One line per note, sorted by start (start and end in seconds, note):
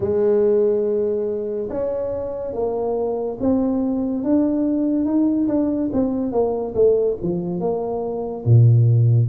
0.00 1.69 G#3
1.69 2.53 C#4
2.53 3.37 A#3
3.40 4.23 C4
4.23 5.05 D4
5.05 5.47 D#4
5.48 5.90 D4
5.92 6.31 C4
6.31 6.74 A#3
6.74 7.16 A3
7.22 7.59 F3
7.59 8.44 A#3
8.45 9.28 A#2